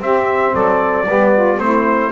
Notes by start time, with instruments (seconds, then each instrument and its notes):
0.00 double bass C4, trombone C4, saxophone G4, trumpet E5
0.53 double bass F#3, saxophone A4, trumpet D5
1.06 double bass G3, trombone B3, saxophone G4
1.34 saxophone F4
1.57 double bass A3, trombone C4, saxophone E4, trumpet C5